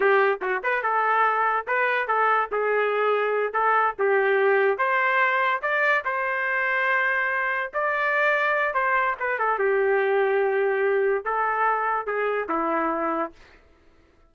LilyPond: \new Staff \with { instrumentName = "trumpet" } { \time 4/4 \tempo 4 = 144 g'4 fis'8 b'8 a'2 | b'4 a'4 gis'2~ | gis'8 a'4 g'2 c''8~ | c''4. d''4 c''4.~ |
c''2~ c''8 d''4.~ | d''4 c''4 b'8 a'8 g'4~ | g'2. a'4~ | a'4 gis'4 e'2 | }